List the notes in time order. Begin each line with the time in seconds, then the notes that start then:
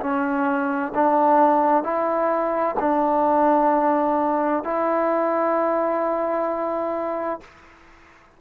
0.00 C#4
0.94 D4
1.83 E4
2.79 D4
4.63 E4